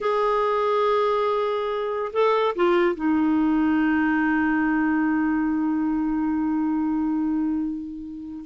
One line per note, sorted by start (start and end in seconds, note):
0.01 2.12 G#4
2.12 2.55 A4
2.55 2.95 F4
2.95 8.44 D#4